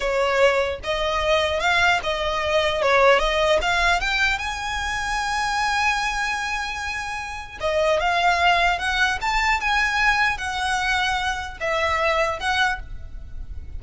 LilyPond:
\new Staff \with { instrumentName = "violin" } { \time 4/4 \tempo 4 = 150 cis''2 dis''2 | f''4 dis''2 cis''4 | dis''4 f''4 g''4 gis''4~ | gis''1~ |
gis''2. dis''4 | f''2 fis''4 a''4 | gis''2 fis''2~ | fis''4 e''2 fis''4 | }